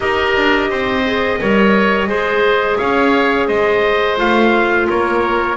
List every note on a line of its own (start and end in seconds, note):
0.00 0.36 D#4
0.00 1.03 G4
0.00 0.70 A#4
0.00 2.77 D#5
0.36 0.69 D4
0.69 1.39 C4
0.69 1.39 C5
1.05 1.40 G#4
1.40 2.06 G3
1.40 2.08 A#4
1.40 2.09 C#5
2.06 2.76 G#3
2.06 4.16 G#4
2.06 2.78 C5
2.77 3.48 C#4
2.77 3.47 C#5
2.77 3.47 F5
3.47 4.18 G#3
3.47 4.87 C5
3.47 4.17 D#5
4.16 4.87 A3
4.16 5.56 F4
4.16 4.89 F5
4.89 5.56 A#3
4.89 5.56 A#4
4.89 5.56 C#5